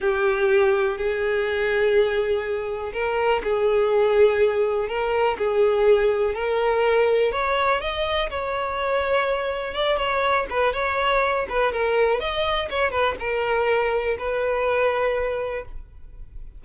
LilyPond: \new Staff \with { instrumentName = "violin" } { \time 4/4 \tempo 4 = 123 g'2 gis'2~ | gis'2 ais'4 gis'4~ | gis'2 ais'4 gis'4~ | gis'4 ais'2 cis''4 |
dis''4 cis''2. | d''8 cis''4 b'8 cis''4. b'8 | ais'4 dis''4 cis''8 b'8 ais'4~ | ais'4 b'2. | }